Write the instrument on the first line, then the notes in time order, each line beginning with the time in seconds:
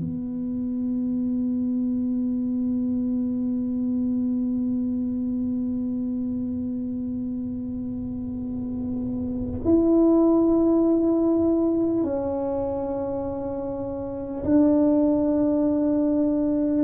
tuba
0.00 B3
9.64 E4
12.03 C#4
14.44 D4